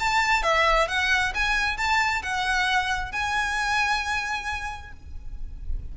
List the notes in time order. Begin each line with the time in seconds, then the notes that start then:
0.00 A5
0.43 E5
0.88 F#5
1.35 G#5
1.78 A5
2.23 F#5
3.13 G#5